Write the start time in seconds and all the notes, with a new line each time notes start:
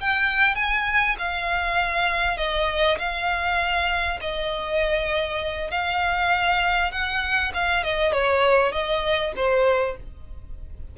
0.00 G5
0.55 G#5
1.18 F5
2.37 D#5
2.98 F5
4.20 D#5
5.71 F5
6.91 F#5
7.54 F5
7.83 D#5
8.12 C#5
8.72 D#5
9.36 C5